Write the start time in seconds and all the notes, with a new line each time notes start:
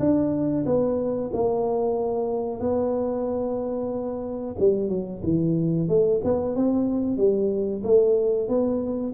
0.00 D4
0.66 B3
1.34 A#3
2.60 B3
4.59 G3
4.89 F#3
5.24 E3
5.89 A3
6.25 B3
6.56 C4
7.17 G3
7.84 A3
8.49 B3